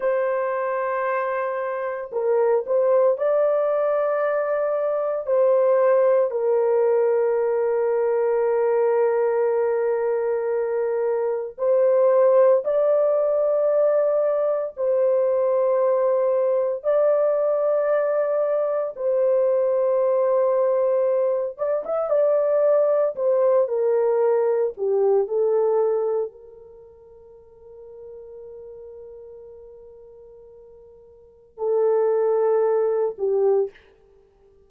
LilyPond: \new Staff \with { instrumentName = "horn" } { \time 4/4 \tempo 4 = 57 c''2 ais'8 c''8 d''4~ | d''4 c''4 ais'2~ | ais'2. c''4 | d''2 c''2 |
d''2 c''2~ | c''8 d''16 e''16 d''4 c''8 ais'4 g'8 | a'4 ais'2.~ | ais'2 a'4. g'8 | }